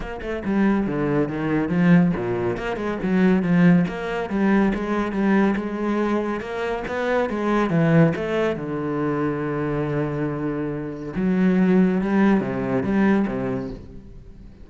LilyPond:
\new Staff \with { instrumentName = "cello" } { \time 4/4 \tempo 4 = 140 ais8 a8 g4 d4 dis4 | f4 ais,4 ais8 gis8 fis4 | f4 ais4 g4 gis4 | g4 gis2 ais4 |
b4 gis4 e4 a4 | d1~ | d2 fis2 | g4 c4 g4 c4 | }